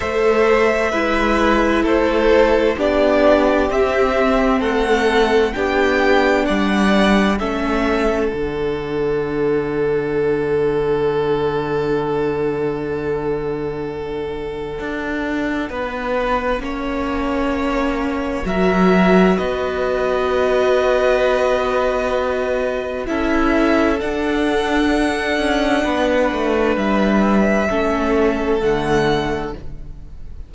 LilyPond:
<<
  \new Staff \with { instrumentName = "violin" } { \time 4/4 \tempo 4 = 65 e''2 c''4 d''4 | e''4 fis''4 g''4 fis''4 | e''4 fis''2.~ | fis''1~ |
fis''1 | e''4 dis''2.~ | dis''4 e''4 fis''2~ | fis''4 e''2 fis''4 | }
  \new Staff \with { instrumentName = "violin" } { \time 4/4 c''4 b'4 a'4 g'4~ | g'4 a'4 g'4 d''4 | a'1~ | a'1~ |
a'4 b'4 cis''2 | ais'4 b'2.~ | b'4 a'2. | b'2 a'2 | }
  \new Staff \with { instrumentName = "viola" } { \time 4/4 a'4 e'2 d'4 | c'2 d'2 | cis'4 d'2.~ | d'1~ |
d'2 cis'2 | fis'1~ | fis'4 e'4 d'2~ | d'2 cis'4 a4 | }
  \new Staff \with { instrumentName = "cello" } { \time 4/4 a4 gis4 a4 b4 | c'4 a4 b4 g4 | a4 d2.~ | d1 |
d'4 b4 ais2 | fis4 b2.~ | b4 cis'4 d'4. cis'8 | b8 a8 g4 a4 d4 | }
>>